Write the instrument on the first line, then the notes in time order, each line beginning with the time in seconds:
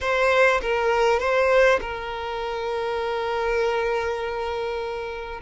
violin
0.00 C5
0.61 A#4
1.19 C5
1.80 A#4